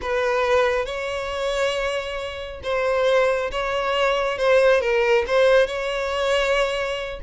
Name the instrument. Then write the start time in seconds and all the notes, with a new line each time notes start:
violin
0.01 B4
0.85 C#5
2.63 C5
3.51 C#5
4.37 C5
4.81 A#4
5.27 C5
5.66 C#5